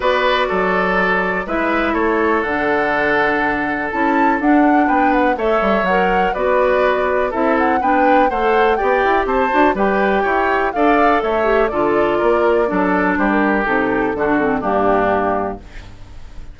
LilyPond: <<
  \new Staff \with { instrumentName = "flute" } { \time 4/4 \tempo 4 = 123 d''2. e''4 | cis''4 fis''2. | a''4 fis''4 g''8 fis''8 e''4 | fis''4 d''2 e''8 fis''8 |
g''4 fis''4 g''4 a''4 | g''2 f''4 e''4 | d''2. c''16 ais'8. | a'2 g'2 | }
  \new Staff \with { instrumentName = "oboe" } { \time 4/4 b'4 a'2 b'4 | a'1~ | a'2 b'4 cis''4~ | cis''4 b'2 a'4 |
b'4 c''4 d''4 c''4 | b'4 cis''4 d''4 cis''4 | a'4 ais'4 a'4 g'4~ | g'4 fis'4 d'2 | }
  \new Staff \with { instrumentName = "clarinet" } { \time 4/4 fis'2. e'4~ | e'4 d'2. | e'4 d'2 a'4 | ais'4 fis'2 e'4 |
d'4 a'4 g'4. fis'8 | g'2 a'4. g'8 | f'2 d'2 | dis'4 d'8 c'8 ais2 | }
  \new Staff \with { instrumentName = "bassoon" } { \time 4/4 b4 fis2 gis4 | a4 d2. | cis'4 d'4 b4 a8 g8 | fis4 b2 c'4 |
b4 a4 b8 e'8 c'8 d'8 | g4 e'4 d'4 a4 | d4 ais4 fis4 g4 | c4 d4 g,2 | }
>>